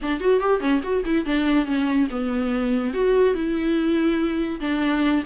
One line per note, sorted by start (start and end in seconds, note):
0.02 0.20 D4
0.20 0.39 F#4
0.39 0.60 G4
0.60 0.81 C#4
0.83 1.04 F#4
1.05 1.25 E4
1.25 1.65 D4
1.65 2.07 C#4
2.10 2.93 B3
2.93 3.34 F#4
3.34 4.60 E4
4.60 5.23 D4